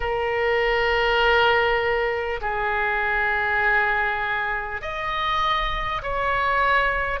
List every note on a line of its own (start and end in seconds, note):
0.00 2.40 A#4
2.41 4.81 G#4
4.81 6.01 D#5
6.02 7.20 C#5